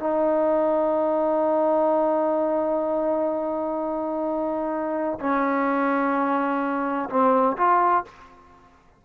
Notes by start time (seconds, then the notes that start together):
0.00 D#4
5.21 C#4
7.10 C4
7.58 F4